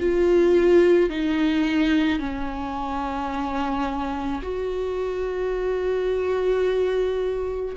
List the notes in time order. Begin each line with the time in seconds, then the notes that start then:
0.00 F4
1.10 D#4
2.19 C#4
4.42 F#4